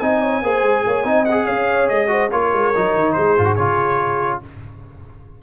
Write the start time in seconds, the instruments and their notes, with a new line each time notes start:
0.00 tuba C4, trombone D#4, horn D#5, trumpet G#5
0.22 horn C#5
0.43 tuba A#3, trombone G#4, horn C5
0.63 tuba G#3
0.86 tuba A#3, horn C#5
1.05 tuba C4, trombone D#4, horn D#5
1.26 trombone G#4, trumpet F#5
1.46 tuba C#4, horn C#5, trumpet F5
1.89 tuba G#3, trumpet D#5
2.08 trombone F#4, horn C5
2.32 tuba A#3, trombone F4, horn A#4, trumpet C#5
2.53 tuba G#3
2.75 tuba F#3, trombone D#4
2.95 tuba D#3
3.13 tuba G#3, horn G#4, trumpet C5
3.38 tuba G#2, trombone F4
3.46 trombone F#4
3.56 tuba C#3, trombone F4, trumpet C#5